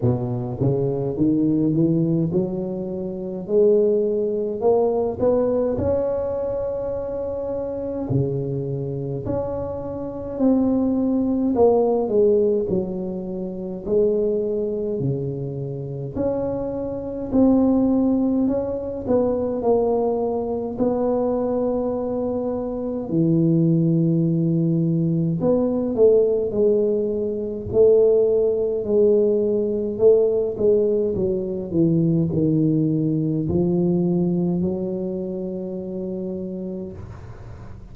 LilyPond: \new Staff \with { instrumentName = "tuba" } { \time 4/4 \tempo 4 = 52 b,8 cis8 dis8 e8 fis4 gis4 | ais8 b8 cis'2 cis4 | cis'4 c'4 ais8 gis8 fis4 | gis4 cis4 cis'4 c'4 |
cis'8 b8 ais4 b2 | e2 b8 a8 gis4 | a4 gis4 a8 gis8 fis8 e8 | dis4 f4 fis2 | }